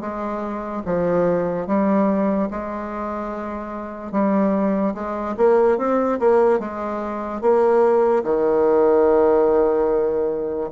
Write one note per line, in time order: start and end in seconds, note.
0.00 0.82 G#3
0.85 1.67 F3
1.67 2.49 G3
2.50 4.11 G#3
4.11 4.94 G3
4.94 5.35 G#3
5.37 5.78 A#3
5.78 6.19 C4
6.19 6.59 A#3
6.59 7.41 G#3
7.41 8.23 A#3
8.23 10.70 D#3